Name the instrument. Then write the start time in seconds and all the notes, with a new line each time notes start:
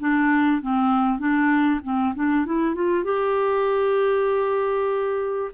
clarinet
0.00 D4
0.62 C4
1.19 D4
1.84 C4
2.15 D4
2.46 E4
2.75 F4
3.04 G4